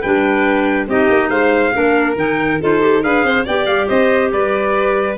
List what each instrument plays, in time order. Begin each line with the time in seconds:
0.00 tuba G3, clarinet D4, violin B4, trumpet G5
0.87 tuba C4, clarinet D#4, violin G4, trumpet D#5
1.09 tuba A#3
1.29 tuba G#3, violin C5, trumpet F5
1.72 tuba A#3, clarinet D4, violin A#4
2.16 tuba D#3, clarinet D#4, trumpet G5
2.61 tuba D#4, clarinet F4, violin A4, trumpet C5
2.80 clarinet G4
3.01 tuba D4, clarinet G#4, violin B4, trumpet F5
3.23 tuba C4, violin C5
3.45 tuba B3, clarinet G4, violin D5, trumpet G5
3.66 tuba G3, trumpet F5
3.87 tuba C4, violin C5, trumpet D#5
4.32 tuba G3, violin B4, trumpet D5